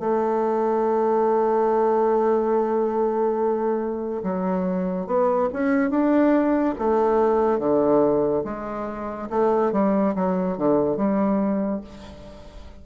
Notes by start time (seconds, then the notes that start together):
0.00 A3
4.23 F#3
5.07 B3
5.53 C#4
5.90 D4
6.79 A3
7.59 D3
8.44 G#3
9.30 A3
9.73 G3
10.15 F#3
10.58 D3
10.97 G3